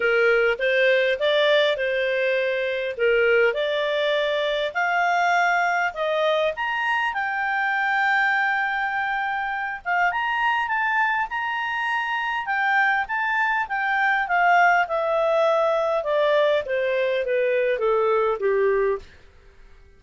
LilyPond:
\new Staff \with { instrumentName = "clarinet" } { \time 4/4 \tempo 4 = 101 ais'4 c''4 d''4 c''4~ | c''4 ais'4 d''2 | f''2 dis''4 ais''4 | g''1~ |
g''8 f''8 ais''4 a''4 ais''4~ | ais''4 g''4 a''4 g''4 | f''4 e''2 d''4 | c''4 b'4 a'4 g'4 | }